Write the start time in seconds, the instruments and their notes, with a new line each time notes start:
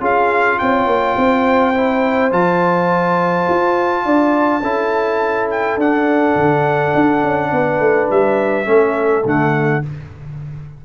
0.00 tuba C#4, trombone F4, horn G#4, trumpet F5
0.59 tuba C4, horn C#5, trumpet G5
0.86 tuba A#3
1.17 tuba C4, horn C5
1.74 trombone E4
2.31 tuba F3, trombone F4, trumpet A5
3.49 tuba F4
4.05 tuba D4, horn D5
4.61 tuba C#4, trombone E4, horn A4
5.51 trumpet G5
5.78 tuba D4, trombone D4, trumpet F#5
6.36 tuba D3
6.95 tuba D4
7.23 tuba C#4
7.52 tuba B3, horn B4
7.80 tuba A3
8.10 tuba G3, trumpet E5
8.65 tuba A3, trombone C#4, horn A4
9.25 tuba D3, trombone A3, trumpet F#5